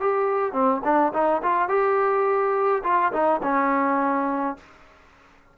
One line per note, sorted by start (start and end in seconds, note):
0.00 0.52 G4
0.52 0.81 C4
0.84 1.13 D4
1.13 1.42 D#4
1.43 1.68 F4
1.68 2.83 G4
2.83 3.12 F4
3.12 3.41 D#4
3.43 4.57 C#4